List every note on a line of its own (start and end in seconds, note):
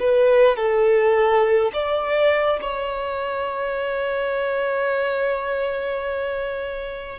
0.00 0.57 B4
0.57 1.72 A4
1.73 2.60 D5
2.61 7.19 C#5